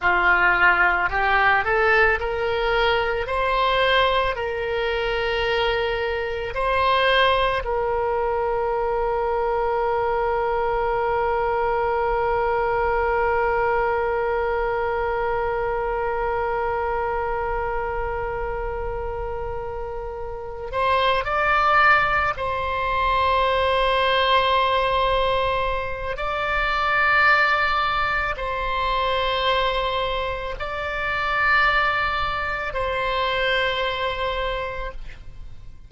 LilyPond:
\new Staff \with { instrumentName = "oboe" } { \time 4/4 \tempo 4 = 55 f'4 g'8 a'8 ais'4 c''4 | ais'2 c''4 ais'4~ | ais'1~ | ais'1~ |
ais'2. c''8 d''8~ | d''8 c''2.~ c''8 | d''2 c''2 | d''2 c''2 | }